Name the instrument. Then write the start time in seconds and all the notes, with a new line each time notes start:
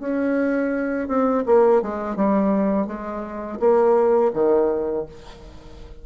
bassoon
0.00 C#4
1.08 C4
1.47 A#3
1.82 G#3
2.17 G3
2.87 G#3
3.60 A#3
4.34 D#3